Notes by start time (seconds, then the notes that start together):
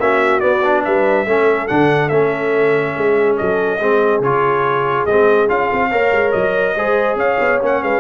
0.00 A#3 C#4 F#4 E5
0.40 B3 D5
0.63 D4
0.84 G3 B4 E5
1.26 A3 C#4 A4
1.68 D3 D4 F#5
2.09 A3 C#4 E5
2.96 G#3 G#4
3.37 F#3 A4 D#5
3.80 G#3 C4 G#4
4.20 C#3 F4 C#5
5.06 G#3 C4 D#5
5.49 C#4 F4 F5
5.72 C4
5.90 A#3 A#4 C#5
6.12 G#3
6.32 F#3 D#5
6.76 G#3 G#4 C5
7.16 C#4 C#5 F5
7.40 B3
7.61 A#3 C#4 F#5
7.83 G#3 B4 F5